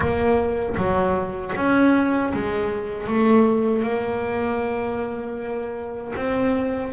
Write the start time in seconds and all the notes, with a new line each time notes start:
0.00 A#3
0.76 F#3
1.56 C#4
2.33 G#3
3.07 A3
3.83 A#3
6.15 C4